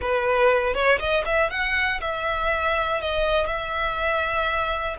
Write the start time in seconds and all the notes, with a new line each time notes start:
0.01 B4
0.73 C#5
0.99 D#5
1.25 E5
1.50 F#5
2.00 E5
3.00 D#5
3.46 E5